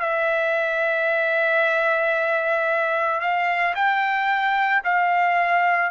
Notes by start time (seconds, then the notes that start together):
0.00 E5
3.20 F5
3.75 G5
4.84 F5